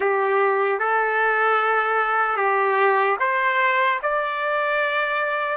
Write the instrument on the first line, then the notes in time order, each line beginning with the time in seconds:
trumpet
0.00 G4
0.79 A4
2.36 G4
3.19 C5
4.02 D5